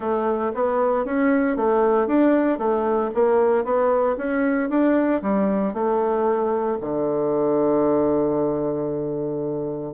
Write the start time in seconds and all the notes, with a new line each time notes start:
0.00 A3
0.54 B3
1.05 C#4
1.56 A3
2.07 D4
2.58 A3
3.14 A#3
3.64 B3
4.17 C#4
4.69 D4
5.22 G3
5.73 A3
6.81 D3